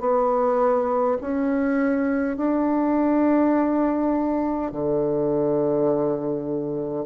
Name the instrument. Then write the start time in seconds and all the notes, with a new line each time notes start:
bassoon
0.00 B3
1.21 C#4
2.37 D4
4.72 D3